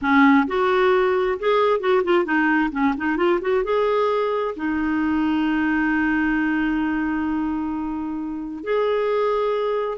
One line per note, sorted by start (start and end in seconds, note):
0.01 0.47 C#4
0.47 1.38 F#4
1.39 1.80 G#4
1.80 2.02 F#4
2.04 2.24 F4
2.24 2.70 D#4
2.71 2.94 C#4
2.97 3.17 D#4
3.17 3.39 F4
3.41 3.63 F#4
3.63 4.54 G#4
4.56 8.63 D#4
8.63 9.98 G#4